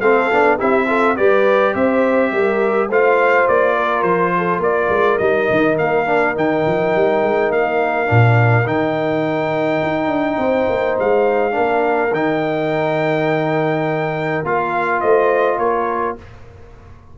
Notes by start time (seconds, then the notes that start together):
0.00 A3 C4 A4 F5
0.31 B3 D4
0.57 C4 E4 G4 E5
0.86 F4 A4
1.16 G3 G4 B4 D5
1.73 C4 C5 E5
2.31 G3 A#4
2.88 A3 F4 C5 F5
3.47 A#3 D5
3.74 A#4
4.02 F3 C5
4.37 A4
4.58 A#3 A#4 D5
4.89 G#3
5.18 G3 D#4 D#5
5.50 D#3
5.78 A#3 F5
6.05 D4
6.34 D#3 D#4 G5
6.66 F3
6.95 G3
7.22 G#3
7.49 A#3 F5
8.06 A#2 D4
8.65 D#3 D#4 G5
9.82 D#4
10.07 D4
10.38 C4 C5
10.69 A#3
10.99 G#3 F5
11.51 D4 A#4
11.57 A#3
12.12 D#3 D#4 G5
14.43 A#3 F4 F5
15.00 A3 C5 D#5
15.57 A#3 A#4 C#5